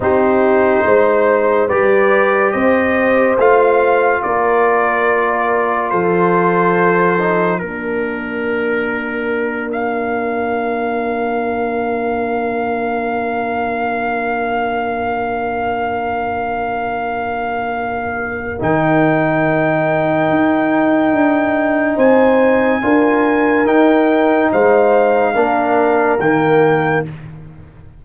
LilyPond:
<<
  \new Staff \with { instrumentName = "trumpet" } { \time 4/4 \tempo 4 = 71 c''2 d''4 dis''4 | f''4 d''2 c''4~ | c''4 ais'2~ ais'8 f''8~ | f''1~ |
f''1~ | f''2 g''2~ | g''2 gis''2 | g''4 f''2 g''4 | }
  \new Staff \with { instrumentName = "horn" } { \time 4/4 g'4 c''4 b'4 c''4~ | c''4 ais'2 a'4~ | a'4 ais'2.~ | ais'1~ |
ais'1~ | ais'1~ | ais'2 c''4 ais'4~ | ais'4 c''4 ais'2 | }
  \new Staff \with { instrumentName = "trombone" } { \time 4/4 dis'2 g'2 | f'1~ | f'8 dis'8 d'2.~ | d'1~ |
d'1~ | d'2 dis'2~ | dis'2. f'4 | dis'2 d'4 ais4 | }
  \new Staff \with { instrumentName = "tuba" } { \time 4/4 c'4 gis4 g4 c'4 | a4 ais2 f4~ | f4 ais2.~ | ais1~ |
ais1~ | ais2 dis2 | dis'4 d'4 c'4 d'4 | dis'4 gis4 ais4 dis4 | }
>>